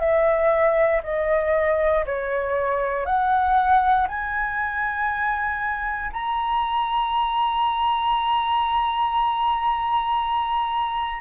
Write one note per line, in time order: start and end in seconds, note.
0.00 1.02 E5
1.04 2.05 D#5
2.06 3.06 C#5
3.06 4.08 F#5
4.08 6.12 G#5
6.13 11.21 A#5